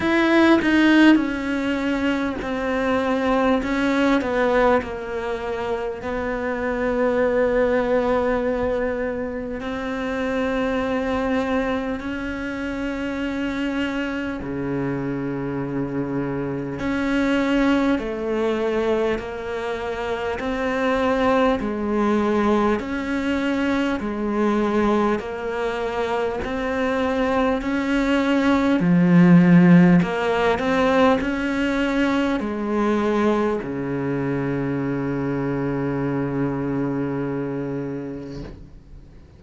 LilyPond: \new Staff \with { instrumentName = "cello" } { \time 4/4 \tempo 4 = 50 e'8 dis'8 cis'4 c'4 cis'8 b8 | ais4 b2. | c'2 cis'2 | cis2 cis'4 a4 |
ais4 c'4 gis4 cis'4 | gis4 ais4 c'4 cis'4 | f4 ais8 c'8 cis'4 gis4 | cis1 | }